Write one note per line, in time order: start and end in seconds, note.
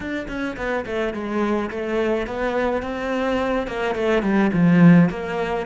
0.00 0.26 D4
0.28 0.56 C#4
0.57 0.85 B3
0.86 1.13 A3
1.13 1.70 G#3
1.70 2.26 A3
2.26 2.82 B3
2.82 3.67 C4
3.67 3.95 A#3
3.95 4.22 A3
4.22 4.50 G3
4.53 5.09 F3
5.09 5.66 A#3